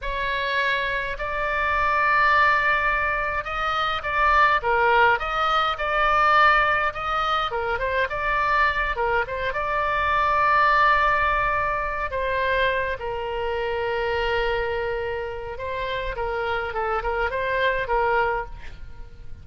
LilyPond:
\new Staff \with { instrumentName = "oboe" } { \time 4/4 \tempo 4 = 104 cis''2 d''2~ | d''2 dis''4 d''4 | ais'4 dis''4 d''2 | dis''4 ais'8 c''8 d''4. ais'8 |
c''8 d''2.~ d''8~ | d''4 c''4. ais'4.~ | ais'2. c''4 | ais'4 a'8 ais'8 c''4 ais'4 | }